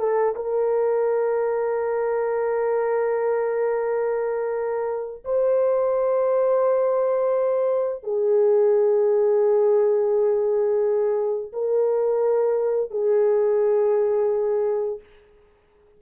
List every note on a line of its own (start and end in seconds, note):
0.00 0.35 A4
0.36 5.24 A#4
5.25 8.04 C5
8.04 11.52 G#4
11.53 12.91 A#4
12.91 15.00 G#4